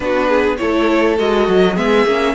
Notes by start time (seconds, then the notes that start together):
0.00 B3 D4 F#4 B4
0.28 G#4
0.57 A3 E4 A4 C#5
1.18 G#3 F#4 D#5
1.48 F#3
1.73 G#3 B3 G#4 E5
2.05 A#3 C#4